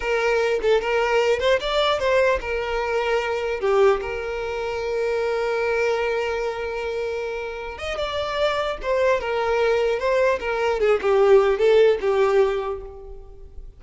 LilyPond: \new Staff \with { instrumentName = "violin" } { \time 4/4 \tempo 4 = 150 ais'4. a'8 ais'4. c''8 | d''4 c''4 ais'2~ | ais'4 g'4 ais'2~ | ais'1~ |
ais'2.~ ais'8 dis''8 | d''2 c''4 ais'4~ | ais'4 c''4 ais'4 gis'8 g'8~ | g'4 a'4 g'2 | }